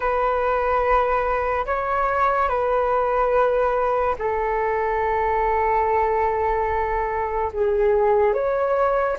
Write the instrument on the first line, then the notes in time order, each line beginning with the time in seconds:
flute
0.00 B4
1.66 C#5
2.48 B4
4.19 A4
7.52 G#4
8.33 C#5